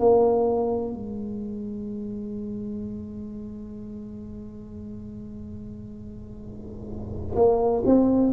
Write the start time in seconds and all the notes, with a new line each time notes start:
0.00 A#3
0.94 G#3
7.36 A#3
7.86 C4